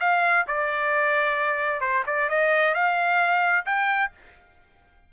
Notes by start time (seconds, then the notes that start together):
0.00 F5
0.47 D5
1.81 C5
2.06 D5
2.29 D#5
2.74 F5
3.65 G5